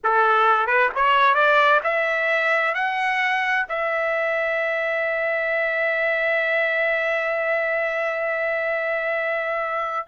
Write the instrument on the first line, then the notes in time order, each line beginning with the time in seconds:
trumpet
0.03 A4
0.66 B4
0.95 C#5
1.34 D5
1.83 E5
2.74 F#5
3.68 E5